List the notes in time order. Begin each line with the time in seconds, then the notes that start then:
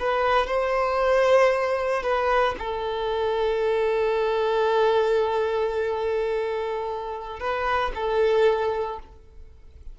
0.00 B4
0.47 C5
2.03 B4
2.59 A4
7.40 B4
7.95 A4